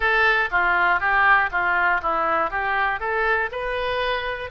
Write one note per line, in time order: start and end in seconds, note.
0.00 0.49 A4
0.50 1.00 F4
1.00 1.50 G4
1.51 2.01 F4
2.01 2.50 E4
2.50 3.00 G4
3.00 3.50 A4
3.51 4.50 B4